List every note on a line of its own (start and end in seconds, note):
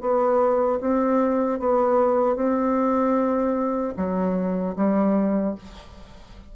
0.00 0.79 B3
0.80 1.59 C4
1.59 2.35 B3
2.35 3.93 C4
3.96 4.75 F#3
4.75 5.54 G3